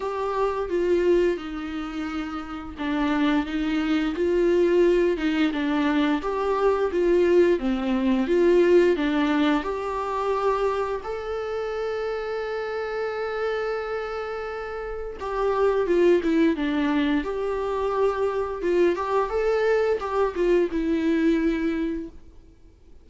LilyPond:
\new Staff \with { instrumentName = "viola" } { \time 4/4 \tempo 4 = 87 g'4 f'4 dis'2 | d'4 dis'4 f'4. dis'8 | d'4 g'4 f'4 c'4 | f'4 d'4 g'2 |
a'1~ | a'2 g'4 f'8 e'8 | d'4 g'2 f'8 g'8 | a'4 g'8 f'8 e'2 | }